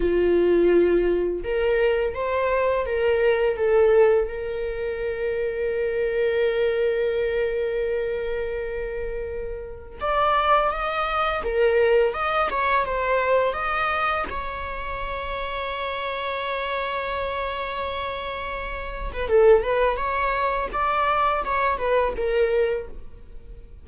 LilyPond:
\new Staff \with { instrumentName = "viola" } { \time 4/4 \tempo 4 = 84 f'2 ais'4 c''4 | ais'4 a'4 ais'2~ | ais'1~ | ais'2 d''4 dis''4 |
ais'4 dis''8 cis''8 c''4 dis''4 | cis''1~ | cis''2~ cis''8. b'16 a'8 b'8 | cis''4 d''4 cis''8 b'8 ais'4 | }